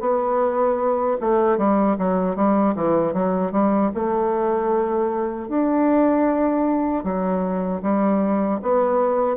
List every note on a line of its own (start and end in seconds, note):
0.00 1.17 B3
1.20 1.57 A3
1.57 1.96 G3
1.98 2.35 F#3
2.35 2.74 G3
2.75 3.13 E3
3.13 3.51 F#3
3.51 3.90 G3
3.94 5.48 A3
5.48 7.03 D4
7.03 7.81 F#3
7.82 8.60 G3
8.62 9.36 B3